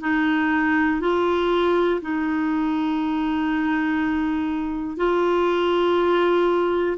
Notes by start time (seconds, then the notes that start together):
0.00 D#4
1.00 F4
2.01 D#4
4.96 F4